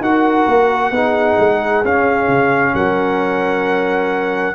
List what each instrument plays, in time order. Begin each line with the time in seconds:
0.00 tuba D#4, trombone F#4, horn A#4, trumpet F#5
0.46 tuba A#3
0.91 tuba B3, trombone D#4, horn G#4
1.38 tuba G#3
1.84 tuba C#4, trombone C#4, trumpet F5
2.28 tuba C#3
2.73 tuba F#3, horn A#4, trumpet F#5